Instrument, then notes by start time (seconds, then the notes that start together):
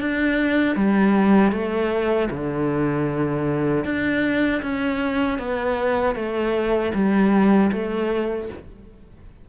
cello
0.00 D4
0.76 G3
1.51 A3
2.30 D3
3.84 D4
4.62 C#4
5.38 B3
6.15 A3
6.94 G3
7.72 A3